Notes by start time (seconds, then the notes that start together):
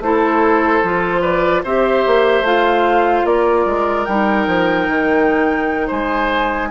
0.00 A3 E4 A4 C5
0.83 F3 F4
1.21 B4 D5
1.64 C4 G4 C5 E5
2.06 A#3
2.41 A3 F4 F5
3.24 A#3 A#4 D5
3.65 G#3
4.05 G3 D#4 G5
4.47 F3
4.88 D#3
5.87 G#3 C5 G#5